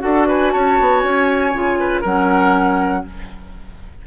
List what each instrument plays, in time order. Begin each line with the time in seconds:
0.00 bassoon D4, clarinet F#4, oboe A4, flute F#5
0.28 oboe B4, flute G#5
0.52 bassoon C#4, oboe C#5, flute A5
0.80 bassoon B3
1.01 bassoon C#4, flute G#5
1.54 bassoon C#3, clarinet F4
1.80 oboe B4
2.02 bassoon F#3, clarinet C#4, oboe A#4, flute F#5